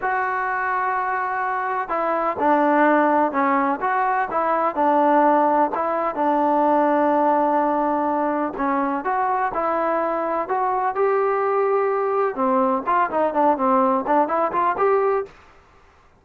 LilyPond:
\new Staff \with { instrumentName = "trombone" } { \time 4/4 \tempo 4 = 126 fis'1 | e'4 d'2 cis'4 | fis'4 e'4 d'2 | e'4 d'2.~ |
d'2 cis'4 fis'4 | e'2 fis'4 g'4~ | g'2 c'4 f'8 dis'8 | d'8 c'4 d'8 e'8 f'8 g'4 | }